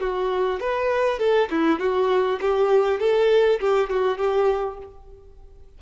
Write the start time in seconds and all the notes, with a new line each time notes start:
0.00 F#4
0.60 B4
1.19 A4
1.51 E4
1.79 F#4
2.41 G4
3.00 A4
3.60 G4
3.90 F#4
4.18 G4